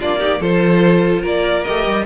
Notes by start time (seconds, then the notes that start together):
0.00 A#3 D4 F4 D5
0.19 D#4 G4
0.40 F3 F4 A4 C5
1.22 A#3 A#4 D5
1.64 A3 G4 D#5
1.87 G3